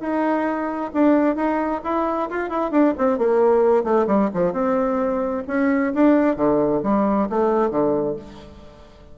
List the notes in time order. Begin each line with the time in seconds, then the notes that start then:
0.00 D#4
0.93 D4
1.36 D#4
1.84 E4
2.30 F4
2.49 E4
2.71 D4
2.98 C4
3.18 A#3
3.83 A3
4.07 G3
4.34 F3
4.52 C4
5.47 C#4
5.94 D4
6.36 D3
6.83 G3
7.29 A3
7.70 D3